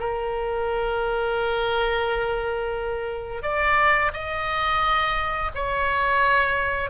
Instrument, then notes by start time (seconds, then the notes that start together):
oboe
0.00 A#4
3.43 D5
4.13 D#5
5.55 C#5